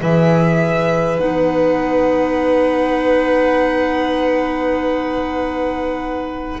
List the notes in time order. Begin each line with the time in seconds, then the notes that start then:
0.00 E3 G#4 B4 E5
1.18 B3 D#4 F#5